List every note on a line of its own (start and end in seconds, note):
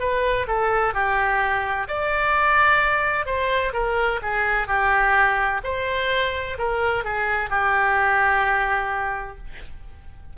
0.00 0.47 B4
0.48 0.94 A4
0.94 1.87 G4
1.88 3.26 D5
3.26 3.73 C5
3.73 4.20 A#4
4.22 4.67 G#4
4.67 5.61 G4
5.64 6.58 C5
6.58 7.04 A#4
7.04 7.50 G#4
7.50 9.37 G4